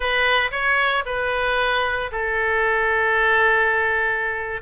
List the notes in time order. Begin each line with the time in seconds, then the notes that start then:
0.00 B4
0.51 C#5
1.05 B4
2.11 A4